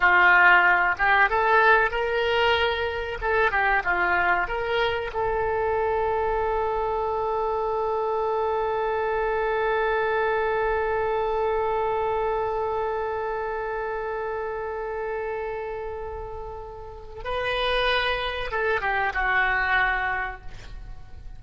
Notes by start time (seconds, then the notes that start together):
0.00 F4
0.97 G4
1.29 A4
1.90 A#4
3.21 A4
3.51 G4
3.84 F4
4.47 A#4
5.13 A4
17.23 B4
18.51 A4
18.81 G4
19.13 F#4